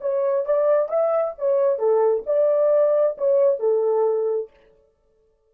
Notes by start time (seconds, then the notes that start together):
0.00 C#5
0.45 D5
0.88 E5
1.38 C#5
1.78 A4
2.26 D5
3.17 C#5
3.59 A4